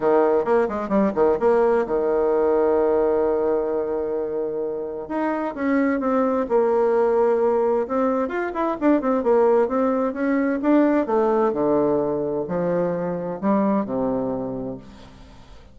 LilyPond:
\new Staff \with { instrumentName = "bassoon" } { \time 4/4 \tempo 4 = 130 dis4 ais8 gis8 g8 dis8 ais4 | dis1~ | dis2. dis'4 | cis'4 c'4 ais2~ |
ais4 c'4 f'8 e'8 d'8 c'8 | ais4 c'4 cis'4 d'4 | a4 d2 f4~ | f4 g4 c2 | }